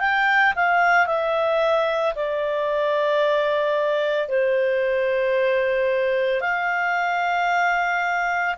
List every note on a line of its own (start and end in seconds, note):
0.00 0.54 G5
0.56 1.07 F5
1.07 2.14 E5
2.15 4.29 D5
4.29 6.41 C5
6.41 8.56 F5